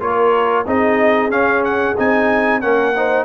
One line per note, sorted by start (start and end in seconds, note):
0.00 0.66 A#3
0.00 0.65 F4
0.00 0.66 A#4
0.00 0.66 C#5
0.66 1.29 C4
0.66 1.30 D#4
0.66 2.62 G#4
0.66 1.31 D#5
1.29 1.95 C#4
1.29 1.96 C#4
1.29 1.63 F5
1.64 1.97 F#5
1.97 2.63 C4
1.97 2.62 D#4
1.97 2.61 G#5
2.61 3.25 A#3
2.61 2.94 C#4
2.61 2.95 A#4
2.61 3.25 F#5
2.96 3.25 D#4
2.96 3.25 C5